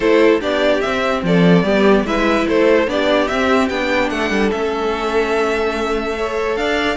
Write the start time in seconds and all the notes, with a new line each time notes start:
0.00 A3 E4 A4 C5
0.40 B3 D4 G4 D5
0.81 C4 E5
1.23 F3 A4 D5
1.63 G3 B3 G4
2.04 G#3 E4 B4 E5
2.47 A3 A4 C5
2.87 B3 D4 G4 D5
3.27 C4 E5
3.69 B3 D4 G5
4.09 A3 A4 F#5
4.30 G3
4.51 A3 C#4 E5
6.16 A4 C#5
6.56 D4 D5 F5